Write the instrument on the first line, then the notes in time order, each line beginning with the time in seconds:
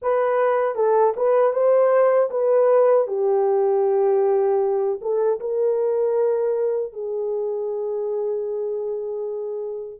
horn
0.01 B4
0.75 A4
1.16 B4
1.52 C5
2.30 B4
3.07 G4
5.01 A4
5.40 A#4
6.92 G#4